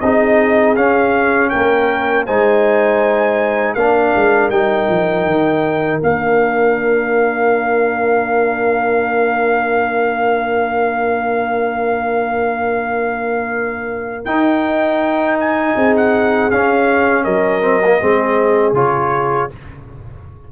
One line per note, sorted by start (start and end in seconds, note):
0.00 0.76 C4
0.00 0.76 D#4
0.00 1.51 G#4
0.00 0.75 D#5
0.76 2.26 C#4
0.76 1.51 C#4
0.76 1.49 F5
1.49 2.27 A#3
1.49 2.25 A#4
1.49 2.24 G5
2.25 3.75 G#3
2.25 3.77 D#4
2.25 3.75 C5
2.25 3.74 G#5
3.74 4.12 A#3
3.74 4.51 D4
3.74 15.75 A#4
3.74 4.49 F5
4.15 4.50 G#3
4.50 4.87 G3
4.50 6.01 D#4
4.50 6.00 G5
4.89 5.25 F3
5.25 6.00 D#3
6.01 14.25 A#3
6.01 14.26 D4
6.01 14.25 F5
14.25 15.75 D#4
14.25 16.51 D#4
14.25 15.37 G5
15.39 15.95 G#5
15.75 16.50 C4
15.75 17.24 G#4
15.96 16.50 F#5
16.50 17.25 C#4
16.50 17.62 C#4
16.50 17.23 F5
17.23 18.00 F#3
17.23 17.99 A#4
17.23 18.73 D#5
17.62 17.80 C4
17.85 18.01 A#3
18.01 18.72 G#3
18.01 18.74 C4
18.01 19.51 G#4
18.72 19.47 C#3
18.72 19.49 F4
18.72 19.51 C#5